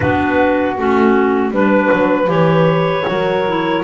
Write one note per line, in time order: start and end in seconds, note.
0.00 0.78 B3
0.00 0.76 D4
0.00 1.52 F#4
0.00 0.76 B4
0.77 1.50 A3
0.77 1.52 C#4
0.77 1.54 F#4
1.50 1.89 G3
1.50 2.26 D4
1.50 3.07 B4
1.50 2.30 B4
1.92 2.27 F#3
2.26 3.04 E3
2.26 3.03 G4
2.26 3.83 C#5
3.05 3.83 F#3
3.05 3.43 F#4
3.05 3.83 A#4
3.48 3.83 E4